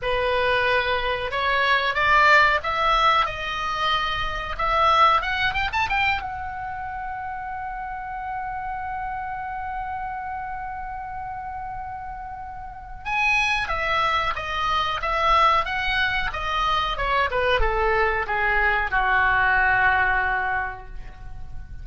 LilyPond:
\new Staff \with { instrumentName = "oboe" } { \time 4/4 \tempo 4 = 92 b'2 cis''4 d''4 | e''4 dis''2 e''4 | fis''8 g''16 a''16 g''8 fis''2~ fis''8~ | fis''1~ |
fis''1 | gis''4 e''4 dis''4 e''4 | fis''4 dis''4 cis''8 b'8 a'4 | gis'4 fis'2. | }